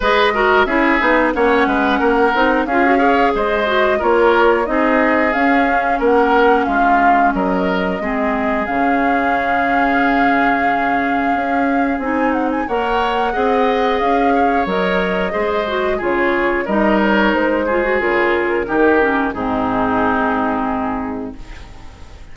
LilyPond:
<<
  \new Staff \with { instrumentName = "flute" } { \time 4/4 \tempo 4 = 90 dis''4 e''4 fis''2 | f''4 dis''4 cis''4 dis''4 | f''4 fis''4 f''4 dis''4~ | dis''4 f''2.~ |
f''2 gis''8 fis''16 gis''16 fis''4~ | fis''4 f''4 dis''2 | cis''4 dis''8 cis''8 c''4 ais'4~ | ais'4 gis'2. | }
  \new Staff \with { instrumentName = "oboe" } { \time 4/4 b'8 ais'8 gis'4 cis''8 b'8 ais'4 | gis'8 cis''8 c''4 ais'4 gis'4~ | gis'4 ais'4 f'4 ais'4 | gis'1~ |
gis'2. cis''4 | dis''4. cis''4. c''4 | gis'4 ais'4. gis'4. | g'4 dis'2. | }
  \new Staff \with { instrumentName = "clarinet" } { \time 4/4 gis'8 fis'8 e'8 dis'8 cis'4. dis'8 | f'16 fis'16 gis'4 fis'8 f'4 dis'4 | cis'1 | c'4 cis'2.~ |
cis'2 dis'4 ais'4 | gis'2 ais'4 gis'8 fis'8 | f'4 dis'4. f'16 fis'16 f'4 | dis'8 cis'8 c'2. | }
  \new Staff \with { instrumentName = "bassoon" } { \time 4/4 gis4 cis'8 b8 ais8 gis8 ais8 c'8 | cis'4 gis4 ais4 c'4 | cis'4 ais4 gis4 fis4 | gis4 cis2.~ |
cis4 cis'4 c'4 ais4 | c'4 cis'4 fis4 gis4 | cis4 g4 gis4 cis4 | dis4 gis,2. | }
>>